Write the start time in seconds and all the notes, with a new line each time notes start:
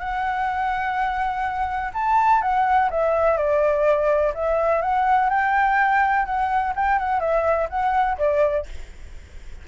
0.00 F#5
1.94 A5
2.42 F#5
2.91 E5
3.37 D5
4.35 E5
4.82 F#5
5.30 G5
6.26 F#5
6.76 G5
6.99 F#5
7.20 E5
7.70 F#5
8.18 D5